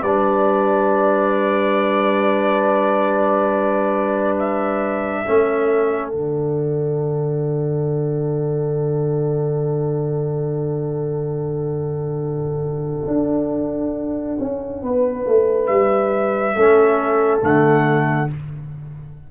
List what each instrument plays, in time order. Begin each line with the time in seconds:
0.00 tuba G3, trombone D4, horn B4, trumpet D5
4.39 trumpet E5
5.26 tuba A3, trombone C#4, horn A4
6.09 tuba D3, trombone D4, trumpet F#5
13.07 tuba D4
14.39 tuba C#4
14.82 tuba B3, horn B4
15.26 tuba A3
15.66 tuba G3, trumpet E5
16.55 tuba A3, trombone C#4, horn A4
17.41 tuba D3, trombone A3, trumpet F#5